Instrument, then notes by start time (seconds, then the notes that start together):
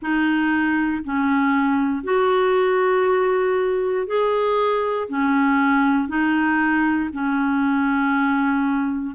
clarinet
0.01 D#4
1.04 C#4
2.03 F#4
4.06 G#4
5.08 C#4
6.08 D#4
7.12 C#4